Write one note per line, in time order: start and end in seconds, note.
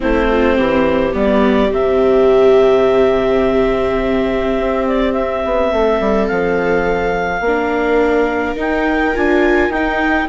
0.00 0.58 A3
0.00 1.13 C4
0.00 0.29 E4
0.00 1.15 C5
0.29 0.56 F4
0.56 1.13 E3
0.56 5.70 G4
1.13 1.70 G3
1.13 1.70 B3
1.13 1.73 D5
1.71 4.58 C3
1.71 7.42 C4
1.71 4.87 E5
4.58 5.43 C4
4.87 5.12 D5
5.12 6.26 E5
5.44 5.72 B3
5.72 6.00 A3
5.72 7.43 A4
6.00 6.28 G3
6.26 7.40 F3
6.26 8.55 F5
7.40 8.54 A#3
7.40 10.28 A#4
7.46 8.55 D4
8.55 9.13 D#4
8.55 9.15 D#4
8.55 9.15 G5
9.14 9.68 D4
9.14 9.72 F4
9.14 9.71 G#5
9.68 10.26 D#4
9.68 10.28 D#4
9.68 10.28 G5